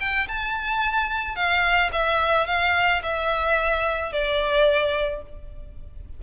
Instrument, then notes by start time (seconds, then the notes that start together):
violin
0.00 G5
0.28 A5
1.36 F5
1.93 E5
2.47 F5
3.03 E5
4.12 D5